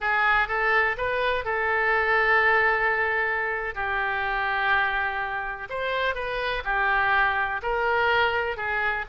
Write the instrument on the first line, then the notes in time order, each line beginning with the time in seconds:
oboe
0.00 G#4
0.48 A4
0.97 B4
1.45 A4
3.74 G4
5.69 C5
6.14 B4
6.64 G4
7.62 A#4
8.56 G#4